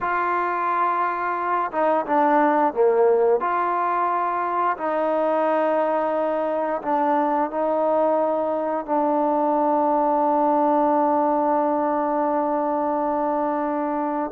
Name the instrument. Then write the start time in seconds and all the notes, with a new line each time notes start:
trombone
0.00 F4
1.71 D#4
2.06 D4
2.73 A#3
3.40 F4
4.77 D#4
6.82 D4
7.50 D#4
8.85 D4